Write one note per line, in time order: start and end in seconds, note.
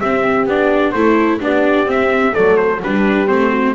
0.00 0.48 C4
0.00 0.46 C4
0.00 0.94 G4
0.00 0.47 E5
0.46 0.93 B3
0.46 0.95 D4
0.46 0.91 D5
0.91 1.41 A3
0.91 1.40 E4
0.91 1.41 A4
0.91 1.38 C5
1.40 1.87 B3
1.40 1.86 D4
1.40 2.34 G4
1.40 1.90 D5
1.86 2.32 C4
1.86 2.34 C4
1.86 2.34 E5
2.32 2.83 F#3
2.32 2.79 A3
2.32 2.81 A4
2.32 2.57 D5
2.57 2.80 C5
2.81 3.31 G3
2.81 3.27 D4
2.81 3.50 G4
2.81 3.28 B4
3.27 3.74 A3
3.27 3.74 C4
3.27 3.74 C5
3.50 3.74 F#4